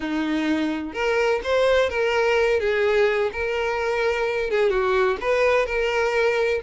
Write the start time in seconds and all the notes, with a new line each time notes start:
0.00 D#4
0.93 A#4
1.43 C5
1.89 A#4
2.60 G#4
3.32 A#4
4.50 G#4
4.69 F#4
5.21 B4
5.66 A#4